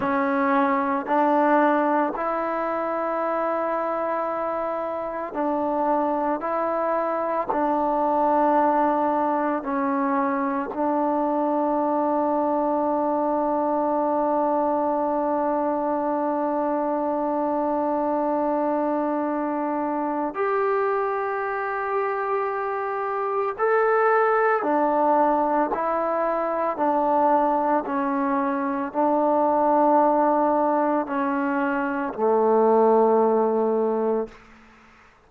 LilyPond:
\new Staff \with { instrumentName = "trombone" } { \time 4/4 \tempo 4 = 56 cis'4 d'4 e'2~ | e'4 d'4 e'4 d'4~ | d'4 cis'4 d'2~ | d'1~ |
d'2. g'4~ | g'2 a'4 d'4 | e'4 d'4 cis'4 d'4~ | d'4 cis'4 a2 | }